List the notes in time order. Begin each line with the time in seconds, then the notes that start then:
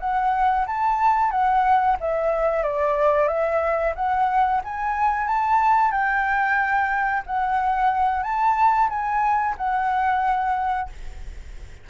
0.00 F#5
0.67 A5
1.31 F#5
2.00 E5
2.63 D5
3.28 E5
3.95 F#5
4.64 G#5
5.27 A5
5.91 G5
7.26 F#5
8.23 A5
8.90 G#5
9.58 F#5